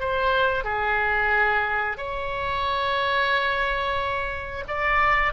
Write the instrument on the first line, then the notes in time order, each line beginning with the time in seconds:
oboe
0.00 C5
0.65 G#4
1.98 C#5
4.68 D5